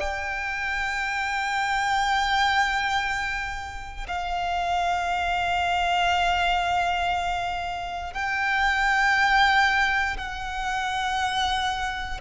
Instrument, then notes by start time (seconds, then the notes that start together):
violin
0.00 G5
4.07 F5
8.13 G5
10.17 F#5